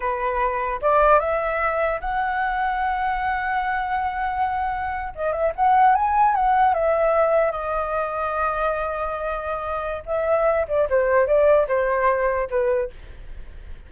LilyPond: \new Staff \with { instrumentName = "flute" } { \time 4/4 \tempo 4 = 149 b'2 d''4 e''4~ | e''4 fis''2.~ | fis''1~ | fis''8. dis''8 e''8 fis''4 gis''4 fis''16~ |
fis''8. e''2 dis''4~ dis''16~ | dis''1~ | dis''4 e''4. d''8 c''4 | d''4 c''2 b'4 | }